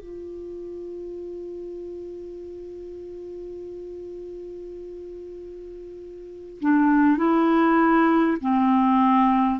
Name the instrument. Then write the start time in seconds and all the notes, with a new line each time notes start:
clarinet
0.00 F4
6.60 D4
7.17 E4
8.41 C4